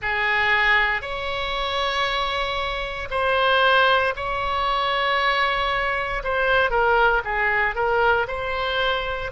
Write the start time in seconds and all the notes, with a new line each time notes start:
0.01 G#4
1.01 C#5
3.10 C5
4.16 C#5
6.23 C5
6.70 A#4
7.24 G#4
7.75 A#4
8.27 C5